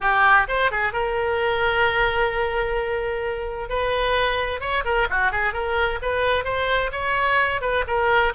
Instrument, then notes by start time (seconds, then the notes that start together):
oboe
0.00 G4
0.48 C5
0.71 G#4
0.92 A#4
3.69 B4
4.60 C#5
4.84 A#4
5.10 F#4
5.31 G#4
5.53 A#4
6.02 B4
6.44 C5
6.91 C#5
7.61 B4
7.87 A#4